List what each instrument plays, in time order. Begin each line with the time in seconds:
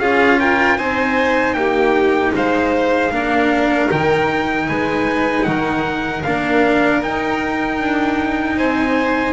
0.00 double bass C#4, cello F4, violin G#4, trumpet F5
0.40 violin A#4, trumpet G5
0.78 double bass C4, cello D#4, violin C5, trumpet G#5
1.54 double bass A#3, violin G4, trumpet G5
2.35 double bass G#3, violin C5, trumpet F5
3.11 double bass A#3, cello D4, violin A#4
3.90 double bass D#3, cello D#4, trumpet G5
4.68 double bass G#3, violin B4, trumpet G#5
5.44 double bass D#3, violin A#4, trumpet F#5
6.24 double bass A#3, cello D4, trumpet F5
7.03 cello D#4, double bass D#4, trumpet G5
7.80 double bass D4
8.57 double bass C4, violin C5, trumpet G#5